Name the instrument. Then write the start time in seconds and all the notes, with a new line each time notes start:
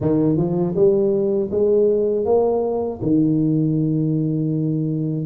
tuba
0.00 D#3
0.36 F3
0.75 G3
1.51 G#3
2.25 A#3
3.01 D#3